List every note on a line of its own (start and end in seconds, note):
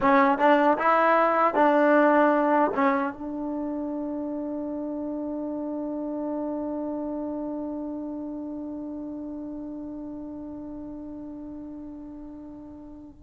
0.00 0.38 C#4
0.38 0.77 D4
0.78 1.54 E4
1.54 2.71 D4
2.74 3.13 C#4
3.13 13.23 D4